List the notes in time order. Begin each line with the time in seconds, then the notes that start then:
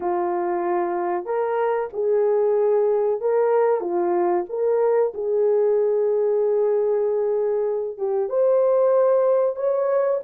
0.00 F4
1.25 A#4
1.93 G#4
3.20 A#4
3.80 F4
4.49 A#4
5.14 G#4
7.97 G4
8.29 C5
9.56 C#5